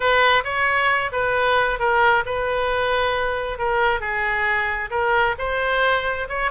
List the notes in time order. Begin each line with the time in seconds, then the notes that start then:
0.00 B4
0.44 C#5
1.12 B4
1.79 A#4
2.25 B4
3.58 A#4
4.00 G#4
4.90 A#4
5.38 C5
6.28 C#5